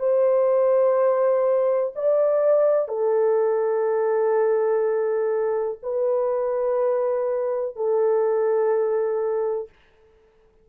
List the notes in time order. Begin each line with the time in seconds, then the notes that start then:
0.00 C5
1.96 D5
2.89 A4
5.83 B4
7.76 A4